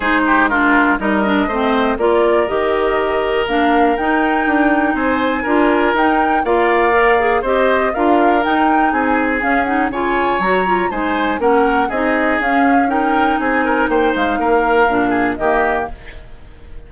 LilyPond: <<
  \new Staff \with { instrumentName = "flute" } { \time 4/4 \tempo 4 = 121 c''4 ais'4 dis''2 | d''4 dis''2 f''4 | g''2 gis''2 | g''4 f''2 dis''4 |
f''4 g''4 gis''4 f''8 fis''8 | gis''4 ais''4 gis''4 fis''4 | dis''4 f''4 g''4 gis''4 | g''8 f''2~ f''8 dis''4 | }
  \new Staff \with { instrumentName = "oboe" } { \time 4/4 gis'8 g'8 f'4 ais'4 c''4 | ais'1~ | ais'2 c''4 ais'4~ | ais'4 d''2 c''4 |
ais'2 gis'2 | cis''2 c''4 ais'4 | gis'2 ais'4 gis'8 ais'8 | c''4 ais'4. gis'8 g'4 | }
  \new Staff \with { instrumentName = "clarinet" } { \time 4/4 dis'4 d'4 dis'8 d'8 c'4 | f'4 g'2 d'4 | dis'2. f'4 | dis'4 f'4 ais'8 gis'8 g'4 |
f'4 dis'2 cis'8 dis'8 | f'4 fis'8 f'8 dis'4 cis'4 | dis'4 cis'4 dis'2~ | dis'2 d'4 ais4 | }
  \new Staff \with { instrumentName = "bassoon" } { \time 4/4 gis2 g4 a4 | ais4 dis2 ais4 | dis'4 d'4 c'4 d'4 | dis'4 ais2 c'4 |
d'4 dis'4 c'4 cis'4 | cis4 fis4 gis4 ais4 | c'4 cis'2 c'4 | ais8 gis8 ais4 ais,4 dis4 | }
>>